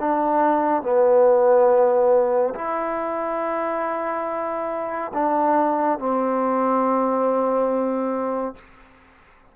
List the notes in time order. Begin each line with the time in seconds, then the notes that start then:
0.00 D4
0.83 B3
2.55 E4
5.14 D4
5.99 C4